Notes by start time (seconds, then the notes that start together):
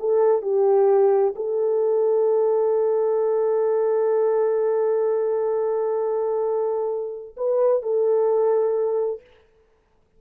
0.00 A4
0.43 G4
1.36 A4
7.37 B4
7.83 A4